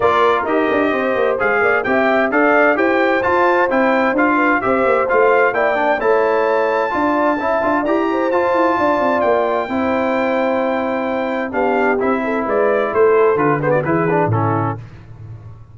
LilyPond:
<<
  \new Staff \with { instrumentName = "trumpet" } { \time 4/4 \tempo 4 = 130 d''4 dis''2 f''4 | g''4 f''4 g''4 a''4 | g''4 f''4 e''4 f''4 | g''4 a''2.~ |
a''4 ais''4 a''2 | g''1~ | g''4 f''4 e''4 d''4 | c''4 b'8 c''16 d''16 b'4 a'4 | }
  \new Staff \with { instrumentName = "horn" } { \time 4/4 ais'2 c''4. d''8 | e''4 d''4 c''2~ | c''4. b'8 c''2 | d''4 cis''2 d''4 |
e''4 d''8 c''4. d''4~ | d''4 c''2.~ | c''4 g'4. a'8 b'4 | a'4. gis'16 fis'16 gis'4 e'4 | }
  \new Staff \with { instrumentName = "trombone" } { \time 4/4 f'4 g'2 gis'4 | g'4 a'4 g'4 f'4 | e'4 f'4 g'4 f'4 | e'8 d'8 e'2 f'4 |
e'8 f'8 g'4 f'2~ | f'4 e'2.~ | e'4 d'4 e'2~ | e'4 f'8 b8 e'8 d'8 cis'4 | }
  \new Staff \with { instrumentName = "tuba" } { \time 4/4 ais4 dis'8 d'8 c'8 ais8 gis8 ais8 | c'4 d'4 e'4 f'4 | c'4 d'4 c'8 ais8 a4 | ais4 a2 d'4 |
cis'8 d'8 e'4 f'8 e'8 d'8 c'8 | ais4 c'2.~ | c'4 b4 c'4 gis4 | a4 d4 e4 a,4 | }
>>